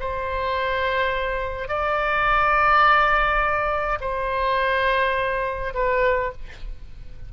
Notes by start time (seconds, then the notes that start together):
0.00 C5
1.68 D5
4.01 C5
5.74 B4